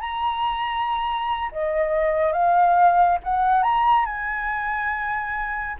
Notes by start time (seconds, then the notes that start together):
0.00 A#5
1.52 D#5
2.32 F5
3.24 F#5
3.63 A#5
4.05 G#5